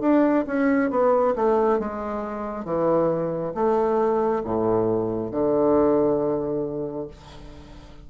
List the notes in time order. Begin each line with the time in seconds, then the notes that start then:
0.00 D4
0.46 C#4
0.90 B3
1.35 A3
1.79 G#3
2.64 E3
3.54 A3
4.44 A2
5.31 D3